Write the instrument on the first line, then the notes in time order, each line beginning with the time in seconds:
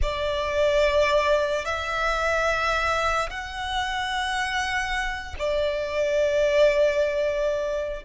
violin
0.01 D5
1.65 E5
3.30 F#5
5.38 D5